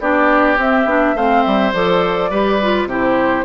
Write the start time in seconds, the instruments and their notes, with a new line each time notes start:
0.00 bassoon B3, clarinet D4, oboe G4, flute D5
0.58 bassoon C4, clarinet C4, flute E5
0.86 bassoon B3, clarinet D4
1.15 bassoon A3, clarinet C4, oboe C5, flute F5
1.43 bassoon G3, flute E5
1.73 bassoon F3, clarinet A4, flute D5
2.30 bassoon G3, clarinet G4, oboe B4
2.62 clarinet F4
2.85 bassoon C3, clarinet E4, oboe G4
2.92 flute C5